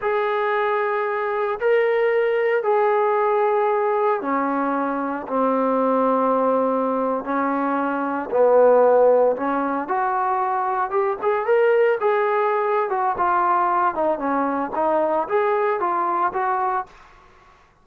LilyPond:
\new Staff \with { instrumentName = "trombone" } { \time 4/4 \tempo 4 = 114 gis'2. ais'4~ | ais'4 gis'2. | cis'2 c'2~ | c'4.~ c'16 cis'2 b16~ |
b4.~ b16 cis'4 fis'4~ fis'16~ | fis'8. g'8 gis'8 ais'4 gis'4~ gis'16~ | gis'8 fis'8 f'4. dis'8 cis'4 | dis'4 gis'4 f'4 fis'4 | }